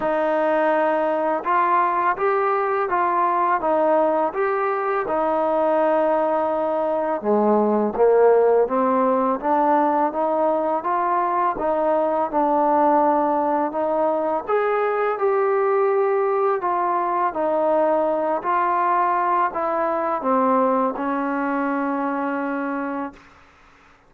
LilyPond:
\new Staff \with { instrumentName = "trombone" } { \time 4/4 \tempo 4 = 83 dis'2 f'4 g'4 | f'4 dis'4 g'4 dis'4~ | dis'2 gis4 ais4 | c'4 d'4 dis'4 f'4 |
dis'4 d'2 dis'4 | gis'4 g'2 f'4 | dis'4. f'4. e'4 | c'4 cis'2. | }